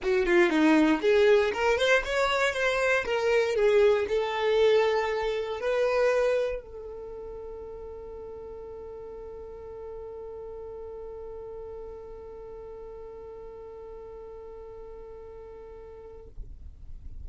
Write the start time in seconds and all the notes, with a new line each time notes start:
0.02 F#4
0.25 F4
0.49 D#4
1.01 G#4
1.53 A#4
1.78 C5
2.04 C#5
2.53 C5
3.05 A#4
3.55 G#4
4.08 A4
5.60 B4
6.61 A4